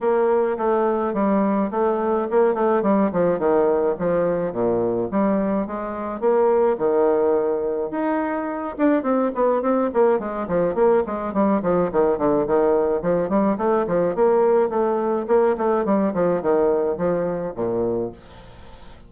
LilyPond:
\new Staff \with { instrumentName = "bassoon" } { \time 4/4 \tempo 4 = 106 ais4 a4 g4 a4 | ais8 a8 g8 f8 dis4 f4 | ais,4 g4 gis4 ais4 | dis2 dis'4. d'8 |
c'8 b8 c'8 ais8 gis8 f8 ais8 gis8 | g8 f8 dis8 d8 dis4 f8 g8 | a8 f8 ais4 a4 ais8 a8 | g8 f8 dis4 f4 ais,4 | }